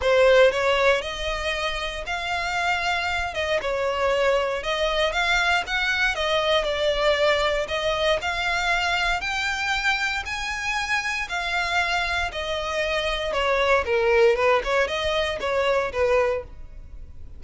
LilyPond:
\new Staff \with { instrumentName = "violin" } { \time 4/4 \tempo 4 = 117 c''4 cis''4 dis''2 | f''2~ f''8 dis''8 cis''4~ | cis''4 dis''4 f''4 fis''4 | dis''4 d''2 dis''4 |
f''2 g''2 | gis''2 f''2 | dis''2 cis''4 ais'4 | b'8 cis''8 dis''4 cis''4 b'4 | }